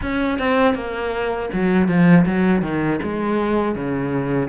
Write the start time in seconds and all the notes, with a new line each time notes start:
0.01 C#4
0.39 C4
0.74 A#3
1.53 F#3
1.88 F3
2.26 F#3
2.62 D#3
3.02 G#3
3.75 C#3